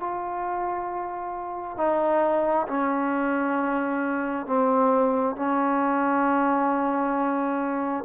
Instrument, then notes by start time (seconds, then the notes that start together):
trombone
0.00 F4
1.77 D#4
2.68 C#4
4.47 C4
5.36 C#4